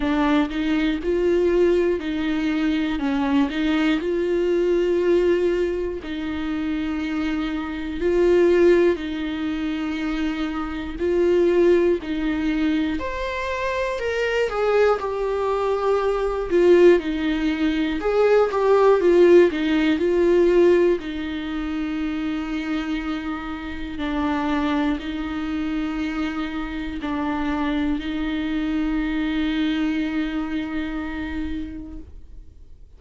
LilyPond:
\new Staff \with { instrumentName = "viola" } { \time 4/4 \tempo 4 = 60 d'8 dis'8 f'4 dis'4 cis'8 dis'8 | f'2 dis'2 | f'4 dis'2 f'4 | dis'4 c''4 ais'8 gis'8 g'4~ |
g'8 f'8 dis'4 gis'8 g'8 f'8 dis'8 | f'4 dis'2. | d'4 dis'2 d'4 | dis'1 | }